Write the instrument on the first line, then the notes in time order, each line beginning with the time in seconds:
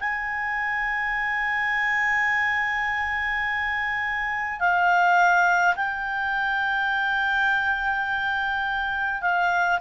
clarinet
0.00 G#5
4.60 F5
5.76 G5
9.22 F5